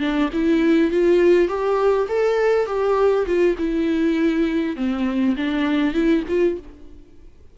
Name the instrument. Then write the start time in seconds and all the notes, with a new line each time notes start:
viola
0.00 D4
0.33 E4
0.91 F4
1.49 G4
2.09 A4
2.67 G4
3.27 F4
3.59 E4
4.77 C4
5.37 D4
5.94 E4
6.29 F4